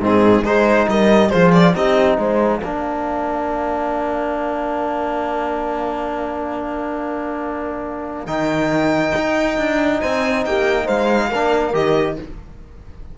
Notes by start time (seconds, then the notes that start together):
0.00 G#2 C4 D#4 G#4
0.43 G#3 D#4 G#4 C5
0.88 G3 A#4 D#5
1.30 F3 F4 G#4 C5
1.52 D5
1.74 C4 D#4 G4 D#5
2.17 G#3 C5 F5
2.61 A#3 D4 A#4
8.26 D#3 D#4 G5
9.16 D#4
9.58 D4
10.00 C4 C5 G#5
10.45 A#3 G4 G5
10.84 G#3 C5 F5
11.30 A#3 D4 A#4
11.73 D#3 G4 D#5